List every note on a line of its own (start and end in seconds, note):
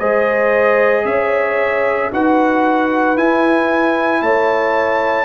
0.00 1.05 G#3
0.00 2.12 G#4
0.00 1.05 C5
0.00 1.06 D#5
1.05 2.11 C#4
1.05 2.12 C#5
1.05 2.11 E5
2.12 3.17 D#4
2.12 3.17 F#4
2.12 4.23 B4
2.12 3.18 F#5
3.17 5.25 E4
3.17 4.22 E4
3.17 4.23 G#5
4.22 5.25 A3
4.22 5.25 C#5
4.22 5.25 A5